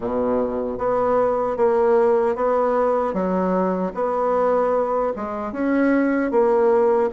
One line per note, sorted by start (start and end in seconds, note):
0.00 0.78 B2
0.78 1.56 B3
1.56 2.35 A#3
2.35 3.13 B3
3.13 3.92 F#3
3.94 5.12 B3
5.15 5.52 G#3
5.52 6.31 C#4
6.31 7.10 A#3